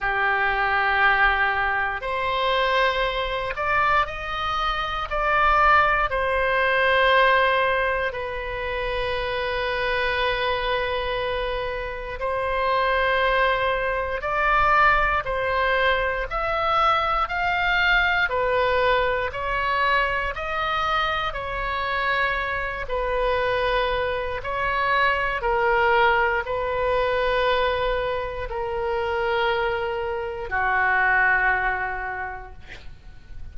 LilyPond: \new Staff \with { instrumentName = "oboe" } { \time 4/4 \tempo 4 = 59 g'2 c''4. d''8 | dis''4 d''4 c''2 | b'1 | c''2 d''4 c''4 |
e''4 f''4 b'4 cis''4 | dis''4 cis''4. b'4. | cis''4 ais'4 b'2 | ais'2 fis'2 | }